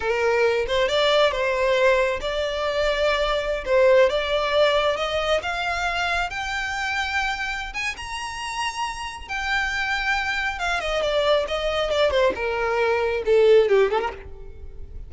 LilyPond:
\new Staff \with { instrumentName = "violin" } { \time 4/4 \tempo 4 = 136 ais'4. c''8 d''4 c''4~ | c''4 d''2.~ | d''16 c''4 d''2 dis''8.~ | dis''16 f''2 g''4.~ g''16~ |
g''4. gis''8 ais''2~ | ais''4 g''2. | f''8 dis''8 d''4 dis''4 d''8 c''8 | ais'2 a'4 g'8 a'16 ais'16 | }